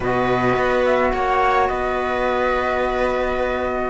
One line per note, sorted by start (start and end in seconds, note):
0.00 0.55 B2
0.00 3.90 F#4
0.00 1.09 B4
0.00 0.85 D#5
0.56 1.12 B3
0.85 1.13 E5
1.13 1.69 A#3
1.13 1.69 C#5
1.13 1.67 F#5
1.67 3.90 B3
1.67 3.90 B4
1.67 3.90 D#5